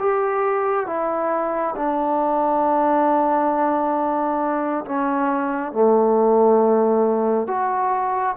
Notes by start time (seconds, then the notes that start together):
0.00 G4
0.87 E4
1.76 D4
4.85 C#4
5.72 A3
7.48 F#4